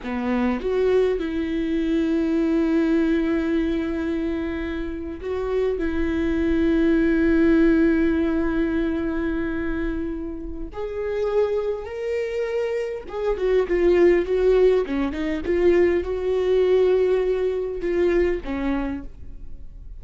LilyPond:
\new Staff \with { instrumentName = "viola" } { \time 4/4 \tempo 4 = 101 b4 fis'4 e'2~ | e'1~ | e'8. fis'4 e'2~ e'16~ | e'1~ |
e'2 gis'2 | ais'2 gis'8 fis'8 f'4 | fis'4 cis'8 dis'8 f'4 fis'4~ | fis'2 f'4 cis'4 | }